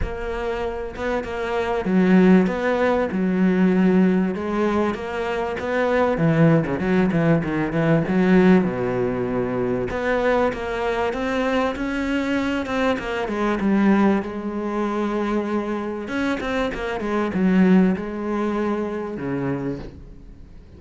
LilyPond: \new Staff \with { instrumentName = "cello" } { \time 4/4 \tempo 4 = 97 ais4. b8 ais4 fis4 | b4 fis2 gis4 | ais4 b4 e8. cis16 fis8 e8 | dis8 e8 fis4 b,2 |
b4 ais4 c'4 cis'4~ | cis'8 c'8 ais8 gis8 g4 gis4~ | gis2 cis'8 c'8 ais8 gis8 | fis4 gis2 cis4 | }